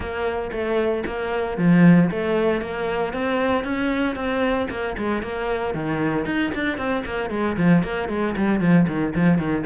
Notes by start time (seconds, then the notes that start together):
0.00 A#3
0.51 A3
1.06 A#3
1.57 F3
2.10 A3
2.61 A#3
3.13 C4
3.64 C#4
4.15 C4
4.70 A#3
4.97 G#3
5.22 A#3
5.74 D#3
6.25 D#4
6.54 D4
6.77 C4
7.05 A#3
7.30 G#3
7.57 F3
7.83 A#3
8.09 G#3
8.36 G3
8.60 F3
8.87 D#3
9.15 F3
9.38 D#3